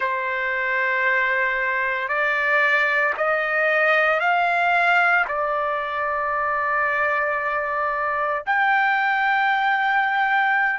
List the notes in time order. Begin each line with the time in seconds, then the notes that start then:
0.00 C5
2.08 D5
3.17 D#5
4.20 F5
5.28 D5
8.45 G5